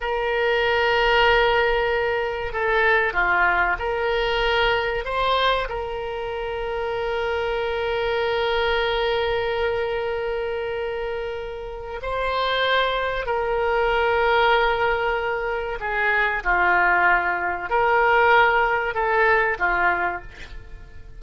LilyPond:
\new Staff \with { instrumentName = "oboe" } { \time 4/4 \tempo 4 = 95 ais'1 | a'4 f'4 ais'2 | c''4 ais'2.~ | ais'1~ |
ais'2. c''4~ | c''4 ais'2.~ | ais'4 gis'4 f'2 | ais'2 a'4 f'4 | }